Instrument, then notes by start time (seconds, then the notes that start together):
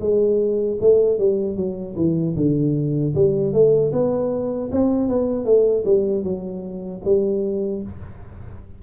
tuba
0.00 G#3
0.80 A3
1.18 G3
1.56 F#3
1.96 E3
2.36 D3
3.14 G3
3.52 A3
3.92 B3
4.72 C4
5.08 B3
5.45 A3
5.85 G3
6.23 F#3
7.04 G3